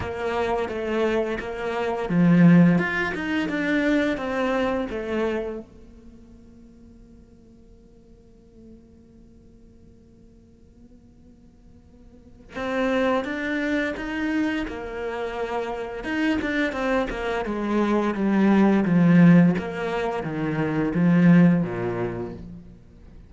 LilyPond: \new Staff \with { instrumentName = "cello" } { \time 4/4 \tempo 4 = 86 ais4 a4 ais4 f4 | f'8 dis'8 d'4 c'4 a4 | ais1~ | ais1~ |
ais2 c'4 d'4 | dis'4 ais2 dis'8 d'8 | c'8 ais8 gis4 g4 f4 | ais4 dis4 f4 ais,4 | }